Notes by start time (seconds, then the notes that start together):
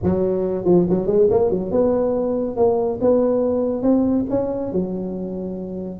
0.03 F#3
0.64 F3
0.89 F#3
1.06 G#3
1.30 A#3
1.50 F#3
1.71 B3
2.56 A#3
3.01 B3
3.82 C4
4.30 C#4
4.72 F#3